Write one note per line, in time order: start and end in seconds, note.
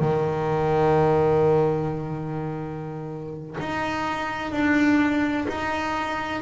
0.00 3.57 D#3
3.60 4.52 D#4
4.52 5.47 D4
5.48 6.42 D#4